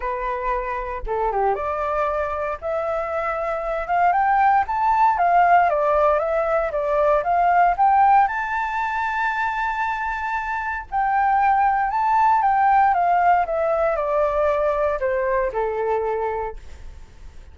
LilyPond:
\new Staff \with { instrumentName = "flute" } { \time 4/4 \tempo 4 = 116 b'2 a'8 g'8 d''4~ | d''4 e''2~ e''8 f''8 | g''4 a''4 f''4 d''4 | e''4 d''4 f''4 g''4 |
a''1~ | a''4 g''2 a''4 | g''4 f''4 e''4 d''4~ | d''4 c''4 a'2 | }